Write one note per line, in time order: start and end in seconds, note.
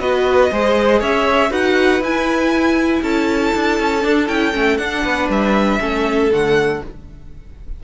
0.00 0.50 B3
0.00 0.51 F#4
0.00 0.51 B4
0.00 1.02 D#5
0.52 1.01 G#3
0.52 1.51 G#4
0.52 1.01 C5
1.01 1.51 C#4
1.01 1.51 C#5
1.01 1.53 E5
1.51 2.01 D#4
1.51 2.01 F#4
1.51 3.02 B4
1.51 2.03 F#5
2.01 3.02 E4
2.01 4.02 E4
2.01 3.03 G#5
3.03 3.53 C#4
3.03 5.04 A4
3.03 4.28 A5
3.55 3.80 D4
3.80 4.05 C#4
4.02 4.27 D4
4.02 4.29 D4
4.28 4.54 C#4
4.28 4.53 E4
4.28 4.78 G5
4.53 4.78 A3
4.53 4.78 C#4
4.78 5.04 D4
4.78 5.80 D4
4.78 5.28 F#5
5.04 5.29 B3
5.04 5.80 B4
5.29 5.79 G3
5.29 6.33 E5
5.80 6.31 A3
5.80 6.31 C#4
5.80 6.83 A4
6.31 6.81 D3
6.31 6.82 A3
6.31 6.84 F#5